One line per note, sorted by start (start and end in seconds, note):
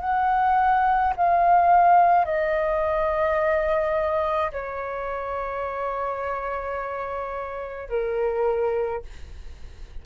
0.00 1.13 F#5
1.16 2.25 F5
2.25 4.51 D#5
4.52 7.89 C#5
7.89 9.02 A#4